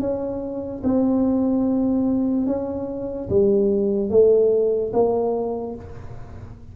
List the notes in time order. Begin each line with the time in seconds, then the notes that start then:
0.00 C#4
0.84 C4
2.47 C#4
3.29 G3
4.10 A3
4.93 A#3